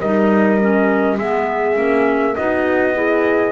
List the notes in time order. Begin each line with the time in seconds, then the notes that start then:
0.00 G3 D#4 A#4 D#5
0.60 C#4
1.18 G#3 B3 G#4 E5
1.75 A#3 C#4
2.36 B3 D#4 F#4 D#5
2.94 E4 G#4